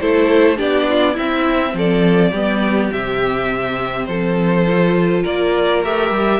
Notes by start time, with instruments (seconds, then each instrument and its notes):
0.00 cello A3, viola E4, violin A4 C5
0.57 cello B3, viola D4, violin G4 D5
0.89 violin F4
1.13 viola C4, cello C4, violin E4 E5
1.74 cello F3, violin A4 D5
2.31 cello G3, viola B3, violin G4
2.93 cello C3, viola C4, violin E5
4.06 cello F3, violin A4 C5
4.67 viola F4
5.23 cello A#3, violin A#4 D5
5.84 cello A3, viola G4, violin E5
6.11 cello G3